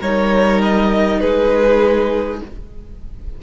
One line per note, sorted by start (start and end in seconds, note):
0.00 1.21 G3
0.00 2.43 D#4
0.00 1.20 A#4
0.00 0.62 C#5
0.62 1.20 D#5
1.20 2.41 G#3
1.20 2.41 G#4
1.20 2.40 B4